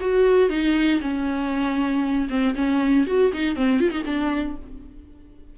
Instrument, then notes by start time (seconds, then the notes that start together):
viola
0.00 F#4
0.49 D#4
1.01 C#4
2.30 C4
2.55 C#4
3.06 F#4
3.33 D#4
3.56 C4
3.80 F4
3.90 D#4
4.05 D4